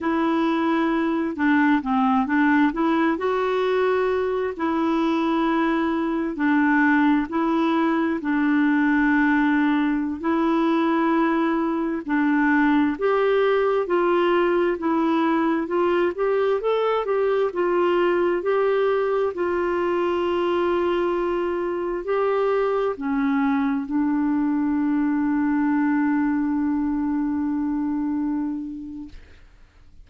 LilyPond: \new Staff \with { instrumentName = "clarinet" } { \time 4/4 \tempo 4 = 66 e'4. d'8 c'8 d'8 e'8 fis'8~ | fis'4 e'2 d'4 | e'4 d'2~ d'16 e'8.~ | e'4~ e'16 d'4 g'4 f'8.~ |
f'16 e'4 f'8 g'8 a'8 g'8 f'8.~ | f'16 g'4 f'2~ f'8.~ | f'16 g'4 cis'4 d'4.~ d'16~ | d'1 | }